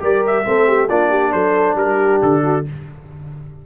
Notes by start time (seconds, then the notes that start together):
0.00 G3 G4 A#4 D5
0.27 E5
0.44 A3 C4 A4
0.68 G4
0.89 A#3 D4 F4 D5
1.10 G4
1.32 F#3 A4 C5
1.75 G3 A#4
1.82 G4
2.22 D3 A4
2.43 F#4